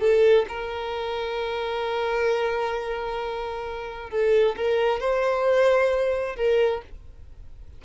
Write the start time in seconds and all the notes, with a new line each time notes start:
0.00 A4
0.48 A#4
4.10 A4
4.56 A#4
5.00 C5
6.36 A#4